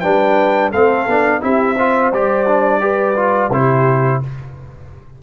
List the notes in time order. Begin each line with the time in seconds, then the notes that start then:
0.00 G3 D4 B4 G5
0.70 A3 C4 A4 F5
1.07 B3 D4
1.41 C4 E4 G4 E5
1.76 F4 C5
2.12 G3 G4 D5
2.47 D4
2.81 G4 B4
3.16 F4
3.49 C3 E4 G4 C5